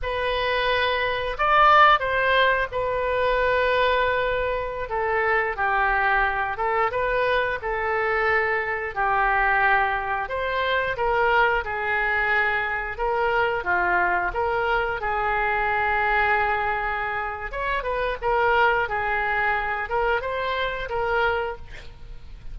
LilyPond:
\new Staff \with { instrumentName = "oboe" } { \time 4/4 \tempo 4 = 89 b'2 d''4 c''4 | b'2.~ b'16 a'8.~ | a'16 g'4. a'8 b'4 a'8.~ | a'4~ a'16 g'2 c''8.~ |
c''16 ais'4 gis'2 ais'8.~ | ais'16 f'4 ais'4 gis'4.~ gis'16~ | gis'2 cis''8 b'8 ais'4 | gis'4. ais'8 c''4 ais'4 | }